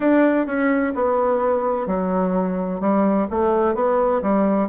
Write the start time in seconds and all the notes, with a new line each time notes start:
0.00 D4
0.46 C#4
0.95 B3
1.87 F#3
2.80 G3
3.30 A3
3.74 B3
4.22 G3